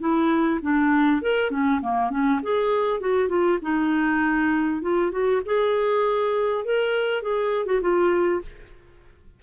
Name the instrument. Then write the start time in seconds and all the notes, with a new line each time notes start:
clarinet
0.00 E4
0.62 D4
1.22 A#4
1.51 C#4
1.82 A#3
2.10 C#4
2.43 G#4
3.01 F#4
3.29 F4
3.62 D#4
4.82 F4
5.12 F#4
5.45 G#4
6.65 A#4
7.22 G#4
7.66 F#4
7.82 F4